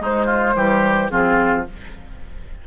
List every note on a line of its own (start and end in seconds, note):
0.00 0.55 G#3
0.00 0.26 D#4
0.00 1.09 C5
0.26 0.53 F4
0.55 1.10 E3
0.55 1.10 G3
0.55 1.12 G4
1.09 1.68 F3
1.09 1.66 C4
1.09 1.67 F4
1.09 1.64 G#4